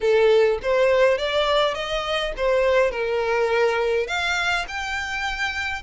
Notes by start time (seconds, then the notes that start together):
0.00 A4
0.62 C5
1.18 D5
1.74 D#5
2.36 C5
2.91 A#4
4.07 F5
4.68 G5